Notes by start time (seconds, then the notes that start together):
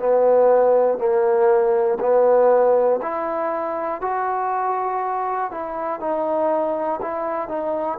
0.00 B3
0.98 A#3
2.01 B3
3.03 E4
4.01 F#4
5.51 E4
6.01 D#4
7.02 E4
7.49 D#4